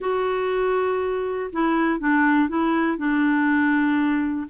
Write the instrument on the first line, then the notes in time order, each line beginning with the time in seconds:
clarinet
0.00 F#4
1.52 E4
1.99 D4
2.48 E4
2.97 D4